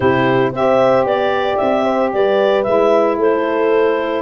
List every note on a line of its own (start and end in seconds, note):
0.00 0.52 C3
0.00 0.52 E4
0.00 0.52 G4
0.00 0.51 C5
0.52 1.04 C4
0.52 2.65 G4
0.52 1.07 C5
0.52 1.05 E5
1.04 1.57 B3
1.04 1.56 D5
1.04 1.84 D5
1.56 2.13 C4
1.56 2.10 E5
1.84 2.11 C5
2.12 2.66 G3
2.12 3.19 B4
2.12 2.63 D5
2.63 3.17 G#3
2.63 4.21 E4
2.63 3.16 E5
3.17 4.21 A3
3.17 4.21 A4
3.17 4.21 C5